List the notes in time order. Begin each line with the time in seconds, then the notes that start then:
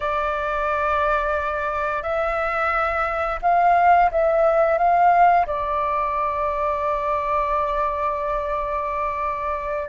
0.00 D5
2.02 E5
3.42 F5
4.11 E5
4.77 F5
5.46 D5